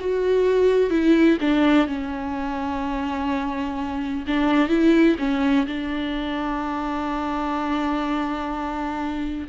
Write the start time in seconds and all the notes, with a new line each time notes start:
0.00 F#4
0.91 E4
1.41 D4
1.87 C#4
4.28 D4
4.69 E4
5.19 C#4
5.67 D4